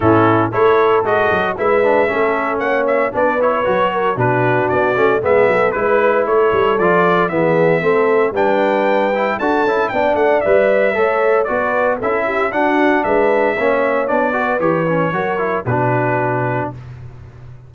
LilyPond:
<<
  \new Staff \with { instrumentName = "trumpet" } { \time 4/4 \tempo 4 = 115 a'4 cis''4 dis''4 e''4~ | e''4 fis''8 e''8 d''8 cis''4. | b'4 d''4 e''4 b'4 | cis''4 d''4 e''2 |
g''2 a''4 g''8 fis''8 | e''2 d''4 e''4 | fis''4 e''2 d''4 | cis''2 b'2 | }
  \new Staff \with { instrumentName = "horn" } { \time 4/4 e'4 a'2 b'4 | a'4 cis''4 b'4. ais'8 | fis'2 gis'8 a'8 b'4 | a'2 gis'4 a'4 |
b'2 a'4 d''4~ | d''4 cis''4 b'4 a'8 g'8 | fis'4 b'4 cis''4. b'8~ | b'4 ais'4 fis'2 | }
  \new Staff \with { instrumentName = "trombone" } { \time 4/4 cis'4 e'4 fis'4 e'8 d'8 | cis'2 d'8 e'8 fis'4 | d'4. cis'8 b4 e'4~ | e'4 f'4 b4 c'4 |
d'4. e'8 fis'8 e'8 d'4 | b'4 a'4 fis'4 e'4 | d'2 cis'4 d'8 fis'8 | g'8 cis'8 fis'8 e'8 d'2 | }
  \new Staff \with { instrumentName = "tuba" } { \time 4/4 a,4 a4 gis8 fis8 gis4 | a4 ais4 b4 fis4 | b,4 b8 a8 gis8 fis8 gis4 | a8 g8 f4 e4 a4 |
g2 d'8 cis'8 b8 a8 | g4 a4 b4 cis'4 | d'4 gis4 ais4 b4 | e4 fis4 b,2 | }
>>